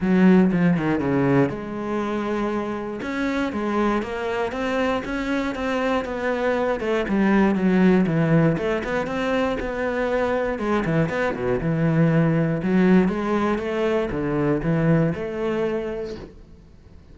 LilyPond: \new Staff \with { instrumentName = "cello" } { \time 4/4 \tempo 4 = 119 fis4 f8 dis8 cis4 gis4~ | gis2 cis'4 gis4 | ais4 c'4 cis'4 c'4 | b4. a8 g4 fis4 |
e4 a8 b8 c'4 b4~ | b4 gis8 e8 b8 b,8 e4~ | e4 fis4 gis4 a4 | d4 e4 a2 | }